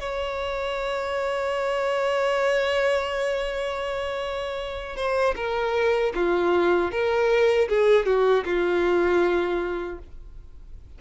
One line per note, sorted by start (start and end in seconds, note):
0.00 4.97 C#5
4.97 5.35 C5
5.36 6.13 A#4
6.15 6.92 F4
6.92 7.69 A#4
7.69 8.06 G#4
8.06 8.44 F#4
8.45 9.99 F4